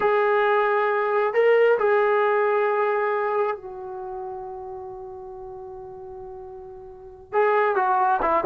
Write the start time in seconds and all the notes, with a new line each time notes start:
0.00 G#4
1.33 A#4
1.78 G#4
3.56 F#4
7.32 G#4
7.75 F#4
8.21 E4